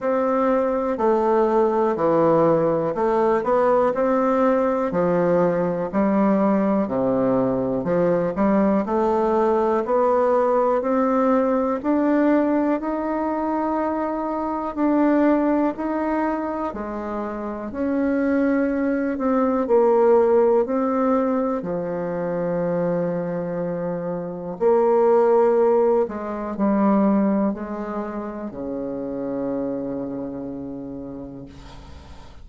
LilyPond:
\new Staff \with { instrumentName = "bassoon" } { \time 4/4 \tempo 4 = 61 c'4 a4 e4 a8 b8 | c'4 f4 g4 c4 | f8 g8 a4 b4 c'4 | d'4 dis'2 d'4 |
dis'4 gis4 cis'4. c'8 | ais4 c'4 f2~ | f4 ais4. gis8 g4 | gis4 cis2. | }